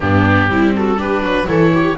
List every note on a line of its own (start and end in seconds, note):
0.00 0.48 G2
0.00 0.49 B3
0.00 0.50 D4
0.00 0.73 G4
0.48 1.21 G3
0.48 0.97 C4
0.48 0.75 E4
0.75 0.98 F#4
0.75 1.00 A4
0.97 1.46 D4
0.97 1.23 G4
0.97 1.48 B4
1.21 1.46 F#3
1.21 1.47 B4
1.47 1.97 E3
1.47 1.96 E4
1.47 1.72 A4
1.47 1.97 C#5
1.73 1.97 G4